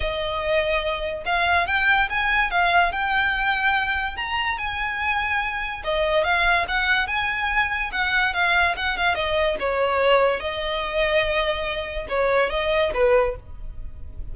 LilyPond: \new Staff \with { instrumentName = "violin" } { \time 4/4 \tempo 4 = 144 dis''2. f''4 | g''4 gis''4 f''4 g''4~ | g''2 ais''4 gis''4~ | gis''2 dis''4 f''4 |
fis''4 gis''2 fis''4 | f''4 fis''8 f''8 dis''4 cis''4~ | cis''4 dis''2.~ | dis''4 cis''4 dis''4 b'4 | }